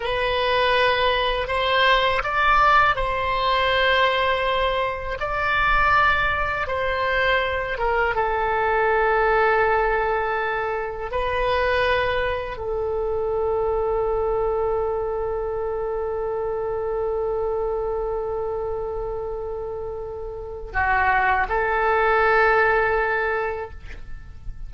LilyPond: \new Staff \with { instrumentName = "oboe" } { \time 4/4 \tempo 4 = 81 b'2 c''4 d''4 | c''2. d''4~ | d''4 c''4. ais'8 a'4~ | a'2. b'4~ |
b'4 a'2.~ | a'1~ | a'1 | fis'4 a'2. | }